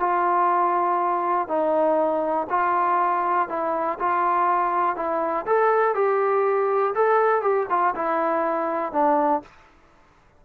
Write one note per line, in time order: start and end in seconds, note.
0.00 1.48 F4
1.48 2.47 D#4
2.50 3.49 F4
3.49 3.99 E4
3.99 4.96 F4
4.96 5.46 E4
5.46 5.95 A4
5.95 6.94 G4
6.95 7.42 A4
7.42 7.66 G4
7.69 7.94 F4
7.95 8.93 E4
8.93 9.42 D4